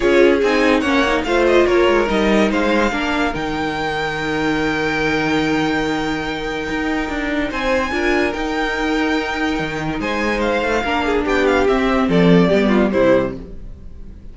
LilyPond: <<
  \new Staff \with { instrumentName = "violin" } { \time 4/4 \tempo 4 = 144 cis''4 gis''4 fis''4 f''8 dis''8 | cis''4 dis''4 f''2 | g''1~ | g''1~ |
g''2 gis''2 | g''1 | gis''4 f''2 g''8 f''8 | e''4 d''2 c''4 | }
  \new Staff \with { instrumentName = "violin" } { \time 4/4 gis'2 cis''4 c''4 | ais'2 c''4 ais'4~ | ais'1~ | ais'1~ |
ais'2 c''4 ais'4~ | ais'1 | c''2 ais'8 gis'8 g'4~ | g'4 a'4 g'8 f'8 e'4 | }
  \new Staff \with { instrumentName = "viola" } { \time 4/4 f'4 dis'4 cis'8 dis'8 f'4~ | f'4 dis'2 d'4 | dis'1~ | dis'1~ |
dis'2. f'4 | dis'1~ | dis'2 d'2 | c'2 b4 g4 | }
  \new Staff \with { instrumentName = "cello" } { \time 4/4 cis'4 c'4 ais4 a4 | ais8 gis8 g4 gis4 ais4 | dis1~ | dis1 |
dis'4 d'4 c'4 d'4 | dis'2. dis4 | gis4. a8 ais4 b4 | c'4 f4 g4 c4 | }
>>